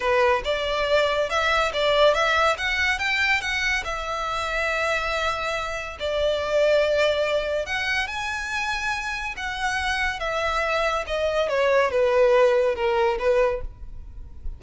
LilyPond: \new Staff \with { instrumentName = "violin" } { \time 4/4 \tempo 4 = 141 b'4 d''2 e''4 | d''4 e''4 fis''4 g''4 | fis''4 e''2.~ | e''2 d''2~ |
d''2 fis''4 gis''4~ | gis''2 fis''2 | e''2 dis''4 cis''4 | b'2 ais'4 b'4 | }